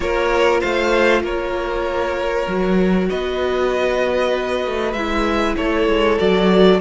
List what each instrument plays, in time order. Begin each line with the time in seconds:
0.00 cello A#3, viola F4, violin A#4 C#5
0.60 cello A3, violin C5 F5
1.22 cello A#3, violin A#4 C#5
2.47 cello F#3, viola F#4
3.09 cello B3, violin B4 D#5
4.66 cello A3
4.92 cello G#3, viola E4, violin E5
5.56 cello A3, violin A4 C#5
5.87 cello G#3
6.18 cello F#3, viola F#4, violin D5